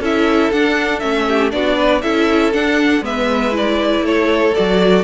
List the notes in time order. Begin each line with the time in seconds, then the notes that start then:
0.00 C#4 E4 A4 E5
0.52 D4 F#5
1.00 A3 C#4 E5
1.28 G4
1.51 B3 D4 F#4 D5
1.76 B4
2.02 C#4 E4 A4 E5
2.53 D4 F#5
3.01 G#3 B3 B4 E5
3.52 E4 D5
4.02 A3 A4 C#5
4.55 F#3 F#4 D5